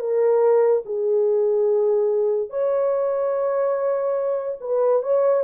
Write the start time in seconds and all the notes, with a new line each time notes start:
0.00 A#4
0.86 G#4
2.50 C#5
4.61 B4
5.03 C#5